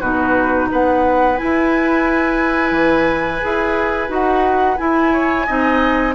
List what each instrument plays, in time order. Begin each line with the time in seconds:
0.00 bassoon B2, clarinet D#4, oboe F#4, flute B4
0.71 bassoon B3, oboe B4, flute F#5
1.37 clarinet E4, bassoon E4, flute G#5
2.71 bassoon E3
3.41 bassoon E4, clarinet G#4
4.08 bassoon D#4, clarinet F#4, flute F#5
4.77 clarinet E4, bassoon E4, flute G#5
5.13 oboe C#5
5.47 bassoon C4, clarinet D#4, oboe D#5